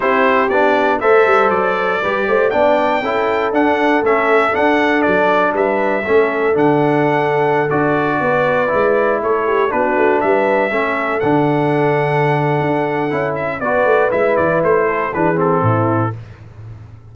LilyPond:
<<
  \new Staff \with { instrumentName = "trumpet" } { \time 4/4 \tempo 4 = 119 c''4 d''4 e''4 d''4~ | d''4 g''2 fis''4 | e''4 fis''4 d''4 e''4~ | e''4 fis''2~ fis''16 d''8.~ |
d''2~ d''16 cis''4 b'8.~ | b'16 e''2 fis''4.~ fis''16~ | fis''2~ fis''8 e''8 d''4 | e''8 d''8 c''4 b'8 a'4. | }
  \new Staff \with { instrumentName = "horn" } { \time 4/4 g'2 c''2 | b'8 c''8 d''4 a'2~ | a'2. b'4 | a'1~ |
a'16 b'2 a'8 g'8 fis'8.~ | fis'16 b'4 a'2~ a'8.~ | a'2. b'4~ | b'4. a'8 gis'4 e'4 | }
  \new Staff \with { instrumentName = "trombone" } { \time 4/4 e'4 d'4 a'2 | g'4 d'4 e'4 d'4 | cis'4 d'2. | cis'4 d'2~ d'16 fis'8.~ |
fis'4~ fis'16 e'2 d'8.~ | d'4~ d'16 cis'4 d'4.~ d'16~ | d'2 e'4 fis'4 | e'2 d'8 c'4. | }
  \new Staff \with { instrumentName = "tuba" } { \time 4/4 c'4 b4 a8 g8 fis4 | g8 a8 b4 cis'4 d'4 | a4 d'4 fis4 g4 | a4 d2~ d16 d'8.~ |
d'16 b4 gis4 a4 b8 a16~ | a16 g4 a4 d4.~ d16~ | d4 d'4 cis'4 b8 a8 | gis8 e8 a4 e4 a,4 | }
>>